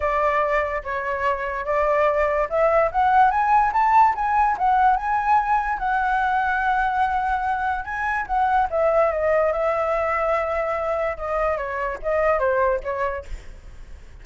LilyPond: \new Staff \with { instrumentName = "flute" } { \time 4/4 \tempo 4 = 145 d''2 cis''2 | d''2 e''4 fis''4 | gis''4 a''4 gis''4 fis''4 | gis''2 fis''2~ |
fis''2. gis''4 | fis''4 e''4 dis''4 e''4~ | e''2. dis''4 | cis''4 dis''4 c''4 cis''4 | }